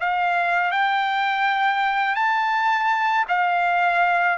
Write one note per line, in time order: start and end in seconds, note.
0.00 0.71 F5
0.71 2.16 G5
2.16 3.25 A5
3.28 4.38 F5